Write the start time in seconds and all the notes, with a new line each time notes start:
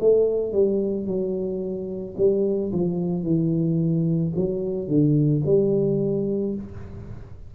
0.00 A3
0.52 G3
1.06 F#3
2.17 G3
2.72 F3
3.23 E3
4.35 F#3
4.87 D3
5.45 G3